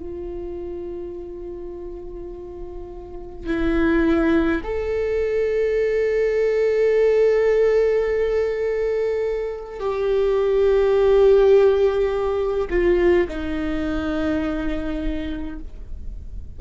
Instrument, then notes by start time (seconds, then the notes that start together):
viola
0.00 F4
3.46 E4
4.64 A4
9.80 G4
12.70 F4
13.28 D#4